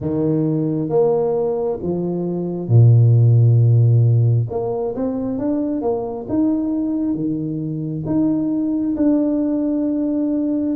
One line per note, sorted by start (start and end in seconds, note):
0.00 0.89 D#3
0.89 1.78 A#3
1.82 2.68 F3
2.68 4.47 A#2
4.50 4.95 A#3
4.95 5.38 C4
5.38 5.81 D4
5.81 6.26 A#3
6.28 7.14 D#4
7.14 8.04 D#3
8.06 8.95 D#4
8.96 10.75 D4